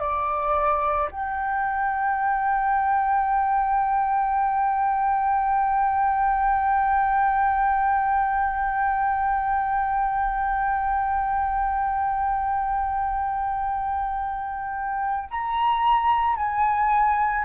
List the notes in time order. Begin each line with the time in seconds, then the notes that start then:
0.00 D5
1.12 G5
15.31 A#5
16.36 G#5